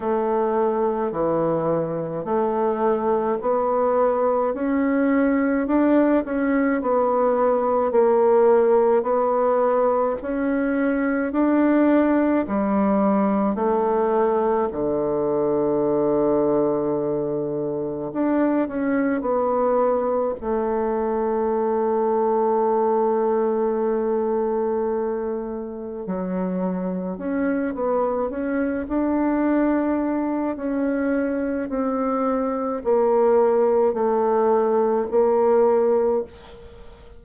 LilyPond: \new Staff \with { instrumentName = "bassoon" } { \time 4/4 \tempo 4 = 53 a4 e4 a4 b4 | cis'4 d'8 cis'8 b4 ais4 | b4 cis'4 d'4 g4 | a4 d2. |
d'8 cis'8 b4 a2~ | a2. fis4 | cis'8 b8 cis'8 d'4. cis'4 | c'4 ais4 a4 ais4 | }